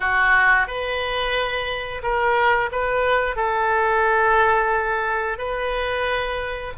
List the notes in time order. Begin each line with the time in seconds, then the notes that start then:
0.00 F#4
0.67 B4
2.02 A#4
2.72 B4
3.36 A4
5.38 B4